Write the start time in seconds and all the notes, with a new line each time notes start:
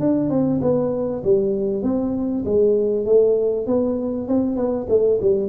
0.00 D4
0.30 C4
0.62 B3
1.24 G3
1.83 C4
2.45 G#3
3.05 A3
3.67 B3
4.28 C4
4.56 B3
4.89 A3
5.22 G3